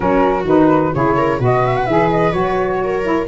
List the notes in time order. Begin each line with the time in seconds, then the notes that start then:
0.00 F#3 C#4 F#4 A#4
0.44 D#3 D#4 B4
0.94 C#3 E4 G#4 C#5
1.16 A#4
1.39 B2 F#4 B4 D#5
1.66 E5
1.76 F#5
1.86 E3 G#4 E5
2.10 D#5
2.32 F#3 F#4 C#5
2.83 A#4
3.03 E4